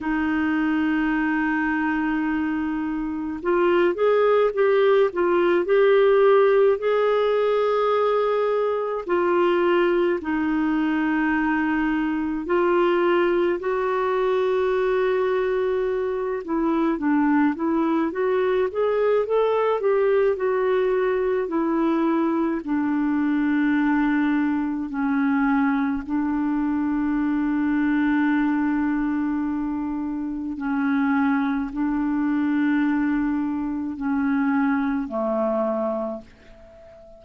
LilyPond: \new Staff \with { instrumentName = "clarinet" } { \time 4/4 \tempo 4 = 53 dis'2. f'8 gis'8 | g'8 f'8 g'4 gis'2 | f'4 dis'2 f'4 | fis'2~ fis'8 e'8 d'8 e'8 |
fis'8 gis'8 a'8 g'8 fis'4 e'4 | d'2 cis'4 d'4~ | d'2. cis'4 | d'2 cis'4 a4 | }